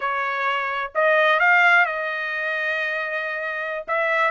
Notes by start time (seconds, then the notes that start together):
0.00 C#5
0.95 D#5
1.39 F5
1.85 D#5
3.87 E5